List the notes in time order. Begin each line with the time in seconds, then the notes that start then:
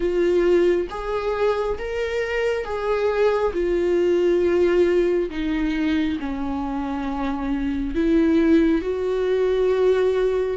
0.00 F4
0.89 G#4
1.78 A#4
2.64 G#4
3.53 F4
5.29 D#4
6.19 C#4
7.95 E4
8.81 F#4